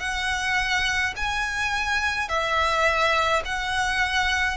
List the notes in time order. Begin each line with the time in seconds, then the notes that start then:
0.00 F#5
1.16 G#5
2.29 E5
3.45 F#5